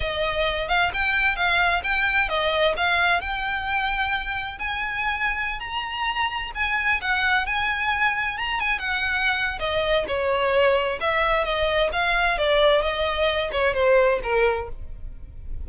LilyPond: \new Staff \with { instrumentName = "violin" } { \time 4/4 \tempo 4 = 131 dis''4. f''8 g''4 f''4 | g''4 dis''4 f''4 g''4~ | g''2 gis''2~ | gis''16 ais''2 gis''4 fis''8.~ |
fis''16 gis''2 ais''8 gis''8 fis''8.~ | fis''4 dis''4 cis''2 | e''4 dis''4 f''4 d''4 | dis''4. cis''8 c''4 ais'4 | }